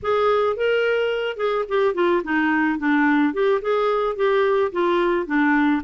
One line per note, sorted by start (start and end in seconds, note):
0.02 0.56 G#4
0.56 1.36 A#4
1.36 1.64 G#4
1.68 1.94 G4
1.94 2.22 F4
2.23 2.79 D#4
2.79 3.33 D4
3.33 3.61 G4
3.61 4.16 G#4
4.16 4.71 G4
4.72 5.26 F4
5.26 5.82 D4